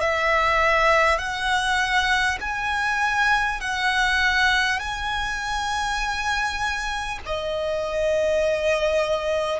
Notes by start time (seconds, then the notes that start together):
0.00 E5
1.18 F#5
2.41 G#5
3.61 F#5
4.79 G#5
7.25 D#5